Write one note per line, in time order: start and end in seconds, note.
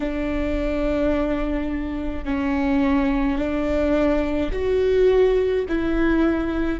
0.00 2.24 D4
2.24 3.38 C#4
3.38 4.51 D4
4.52 5.65 F#4
5.68 6.80 E4